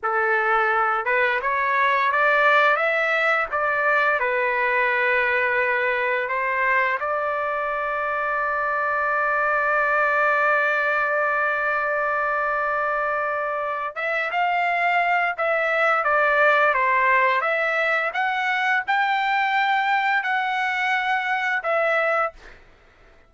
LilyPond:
\new Staff \with { instrumentName = "trumpet" } { \time 4/4 \tempo 4 = 86 a'4. b'8 cis''4 d''4 | e''4 d''4 b'2~ | b'4 c''4 d''2~ | d''1~ |
d''1 | e''8 f''4. e''4 d''4 | c''4 e''4 fis''4 g''4~ | g''4 fis''2 e''4 | }